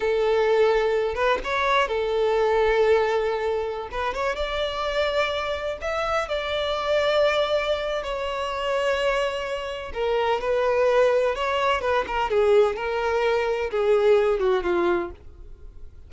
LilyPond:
\new Staff \with { instrumentName = "violin" } { \time 4/4 \tempo 4 = 127 a'2~ a'8 b'8 cis''4 | a'1~ | a'16 b'8 cis''8 d''2~ d''8.~ | d''16 e''4 d''2~ d''8.~ |
d''4 cis''2.~ | cis''4 ais'4 b'2 | cis''4 b'8 ais'8 gis'4 ais'4~ | ais'4 gis'4. fis'8 f'4 | }